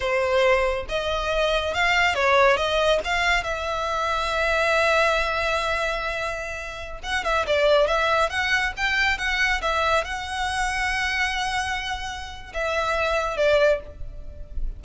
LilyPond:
\new Staff \with { instrumentName = "violin" } { \time 4/4 \tempo 4 = 139 c''2 dis''2 | f''4 cis''4 dis''4 f''4 | e''1~ | e''1~ |
e''16 fis''8 e''8 d''4 e''4 fis''8.~ | fis''16 g''4 fis''4 e''4 fis''8.~ | fis''1~ | fis''4 e''2 d''4 | }